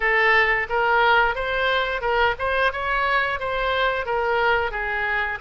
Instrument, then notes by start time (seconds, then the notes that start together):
oboe
0.00 A4
0.69 A#4
1.35 C5
2.01 A#4
2.38 C5
2.72 C#5
3.39 C5
4.05 A#4
4.71 G#4